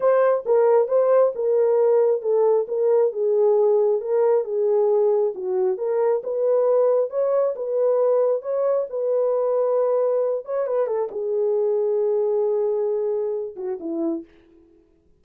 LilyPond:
\new Staff \with { instrumentName = "horn" } { \time 4/4 \tempo 4 = 135 c''4 ais'4 c''4 ais'4~ | ais'4 a'4 ais'4 gis'4~ | gis'4 ais'4 gis'2 | fis'4 ais'4 b'2 |
cis''4 b'2 cis''4 | b'2.~ b'8 cis''8 | b'8 a'8 gis'2.~ | gis'2~ gis'8 fis'8 e'4 | }